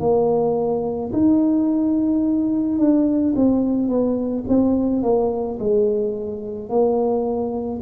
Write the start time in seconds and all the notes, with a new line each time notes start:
0.00 A#3
1.13 D#4
2.79 D4
3.36 C4
3.89 B3
4.48 C4
5.03 A#3
5.60 G#3
6.70 A#3